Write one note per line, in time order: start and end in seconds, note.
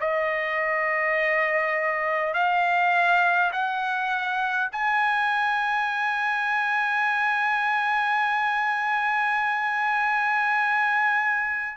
0.00 2.34 D#5
2.34 3.51 F5
3.52 4.70 F#5
4.72 11.77 G#5